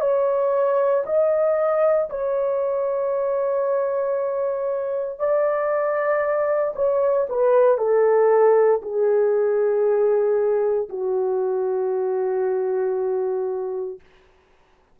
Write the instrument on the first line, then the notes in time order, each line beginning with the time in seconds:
horn
0.00 C#5
1.05 D#5
2.09 C#5
5.19 D5
6.75 C#5
7.29 B4
7.77 A4
8.82 G#4
10.89 F#4